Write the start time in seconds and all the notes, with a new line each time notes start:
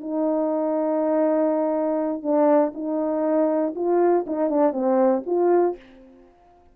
0.00 D#4
2.23 D4
2.74 D#4
3.75 F4
4.26 D#4
4.50 D4
4.72 C4
5.26 F4